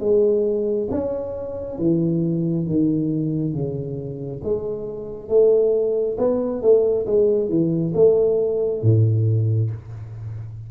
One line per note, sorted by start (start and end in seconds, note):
0.00 0.88 G#3
0.91 1.78 C#4
1.78 2.67 E3
2.67 3.53 D#3
3.53 4.42 C#3
4.44 5.29 G#3
5.29 6.17 A3
6.18 6.62 B3
6.62 7.06 A3
7.06 7.49 G#3
7.49 7.93 E3
7.94 8.82 A3
8.82 9.71 A2